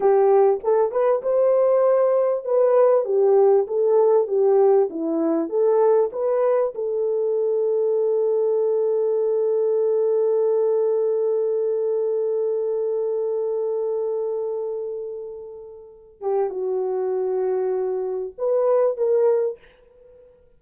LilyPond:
\new Staff \with { instrumentName = "horn" } { \time 4/4 \tempo 4 = 98 g'4 a'8 b'8 c''2 | b'4 g'4 a'4 g'4 | e'4 a'4 b'4 a'4~ | a'1~ |
a'1~ | a'1~ | a'2~ a'8 g'8 fis'4~ | fis'2 b'4 ais'4 | }